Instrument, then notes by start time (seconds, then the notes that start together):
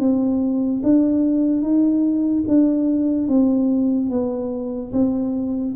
tuba
0.00 C4
0.83 D4
1.62 D#4
2.48 D4
3.28 C4
4.10 B3
4.93 C4